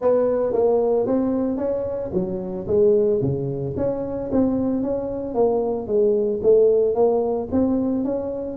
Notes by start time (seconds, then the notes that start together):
0.01 B3
0.52 A#3
1.06 C4
1.57 C#4
2.13 F#3
2.67 G#3
3.21 C#3
3.76 C#4
4.31 C4
4.83 C#4
5.34 A#3
5.87 G#3
6.42 A3
6.94 A#3
7.51 C4
8.04 C#4